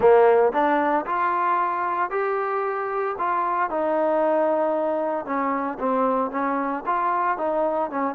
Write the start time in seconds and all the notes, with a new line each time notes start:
0.00 A#3
0.52 D4
1.06 F4
2.10 G4
3.18 F4
3.70 D#4
5.25 C#4
5.79 C4
6.31 C#4
6.85 F4
7.37 D#4
7.90 C#4